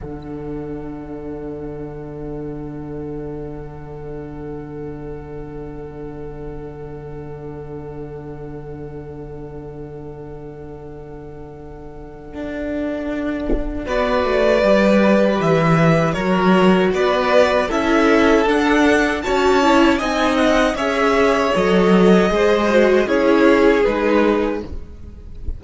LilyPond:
<<
  \new Staff \with { instrumentName = "violin" } { \time 4/4 \tempo 4 = 78 fis''1~ | fis''1~ | fis''1~ | fis''1~ |
fis''2 d''2 | e''4 cis''4 d''4 e''4 | fis''4 a''4 gis''8 fis''8 e''4 | dis''2 cis''4 b'4 | }
  \new Staff \with { instrumentName = "violin" } { \time 4/4 a'1~ | a'1~ | a'1~ | a'1~ |
a'2 b'2~ | b'4 ais'4 b'4 a'4~ | a'4 cis''4 dis''4 cis''4~ | cis''4 c''4 gis'2 | }
  \new Staff \with { instrumentName = "viola" } { \time 4/4 d'1~ | d'1~ | d'1~ | d'1~ |
d'2 fis'4 g'4~ | g'4 fis'2 e'4 | d'4 fis'8 e'8 dis'4 gis'4 | a'4 gis'8 fis'8 e'4 dis'4 | }
  \new Staff \with { instrumentName = "cello" } { \time 4/4 d1~ | d1~ | d1~ | d1 |
d'2 b8 a8 g4 | e4 fis4 b4 cis'4 | d'4 cis'4 c'4 cis'4 | fis4 gis4 cis'4 gis4 | }
>>